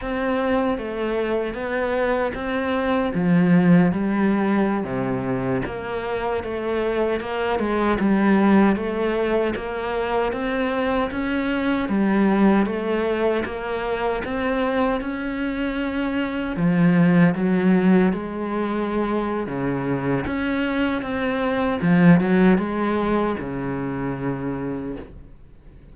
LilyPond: \new Staff \with { instrumentName = "cello" } { \time 4/4 \tempo 4 = 77 c'4 a4 b4 c'4 | f4 g4~ g16 c4 ais8.~ | ais16 a4 ais8 gis8 g4 a8.~ | a16 ais4 c'4 cis'4 g8.~ |
g16 a4 ais4 c'4 cis'8.~ | cis'4~ cis'16 f4 fis4 gis8.~ | gis4 cis4 cis'4 c'4 | f8 fis8 gis4 cis2 | }